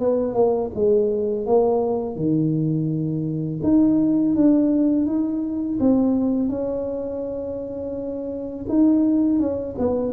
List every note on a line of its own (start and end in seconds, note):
0.00 0.34 B3
0.34 0.70 A#3
0.75 1.46 G#3
1.46 2.16 A#3
2.16 3.60 D#3
3.63 4.35 D#4
4.35 5.06 D4
5.06 5.79 D#4
5.80 6.49 C4
6.49 8.66 C#4
8.69 9.39 D#4
9.39 9.76 C#4
9.78 10.13 B3